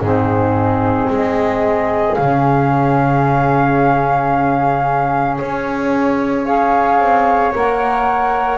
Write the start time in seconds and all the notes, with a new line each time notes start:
0.00 G#2 C4 D#4 G#4
1.09 G#3 G#4 D#5
2.14 C#3 C#4 F5
5.38 C#4 C#5
6.45 G#4 C#5 F5
6.99 C4
7.54 A#3 A#4 F#5